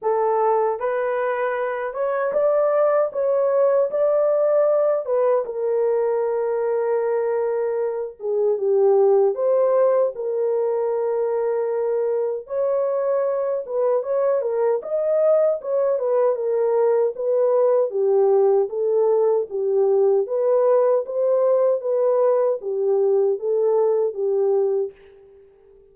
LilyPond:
\new Staff \with { instrumentName = "horn" } { \time 4/4 \tempo 4 = 77 a'4 b'4. cis''8 d''4 | cis''4 d''4. b'8 ais'4~ | ais'2~ ais'8 gis'8 g'4 | c''4 ais'2. |
cis''4. b'8 cis''8 ais'8 dis''4 | cis''8 b'8 ais'4 b'4 g'4 | a'4 g'4 b'4 c''4 | b'4 g'4 a'4 g'4 | }